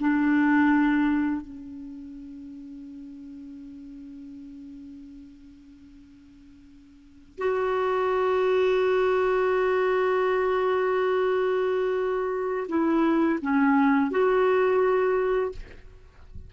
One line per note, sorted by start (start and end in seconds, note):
0.00 1.41 D4
1.41 7.38 C#4
7.38 12.67 F#4
12.68 13.39 E4
13.41 14.11 C#4
14.11 15.52 F#4